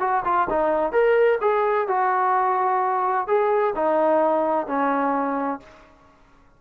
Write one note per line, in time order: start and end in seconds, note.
0.00 0.23 F#4
0.25 0.48 F4
0.50 0.92 D#4
0.92 1.39 A#4
1.41 1.88 G#4
1.88 3.27 F#4
3.27 3.74 G#4
3.76 4.67 D#4
4.67 5.60 C#4